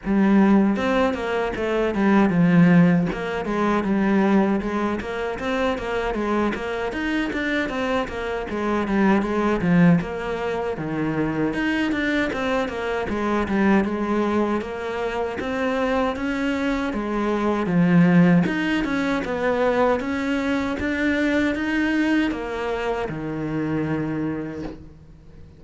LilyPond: \new Staff \with { instrumentName = "cello" } { \time 4/4 \tempo 4 = 78 g4 c'8 ais8 a8 g8 f4 | ais8 gis8 g4 gis8 ais8 c'8 ais8 | gis8 ais8 dis'8 d'8 c'8 ais8 gis8 g8 | gis8 f8 ais4 dis4 dis'8 d'8 |
c'8 ais8 gis8 g8 gis4 ais4 | c'4 cis'4 gis4 f4 | dis'8 cis'8 b4 cis'4 d'4 | dis'4 ais4 dis2 | }